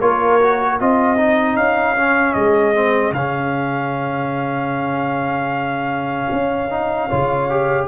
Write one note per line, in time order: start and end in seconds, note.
0.00 0.80 A#3
0.00 0.41 F4
0.00 0.78 A#4
0.00 0.79 C#5
0.41 0.80 F#4
0.78 1.56 C4
0.78 1.17 F4
0.78 7.07 G#4
0.78 1.57 D#5
1.17 1.96 D#4
1.56 2.35 C#4
1.56 2.34 F5
1.96 2.75 C#4
2.34 3.12 G#3
2.34 3.12 D#5
2.75 3.14 C4
3.12 6.27 C#3
3.12 6.70 C#4
3.12 7.87 F5
6.32 7.11 C#4
6.70 7.10 D#4
7.07 7.88 C#3
7.07 7.50 F4
7.07 7.86 C#5
7.50 7.88 G4